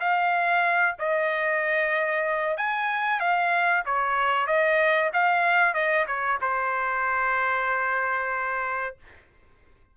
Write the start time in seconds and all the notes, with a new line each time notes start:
0.00 F5
0.99 D#5
2.57 G#5
3.20 F5
3.86 C#5
4.47 D#5
5.13 F5
5.74 D#5
6.07 C#5
6.41 C5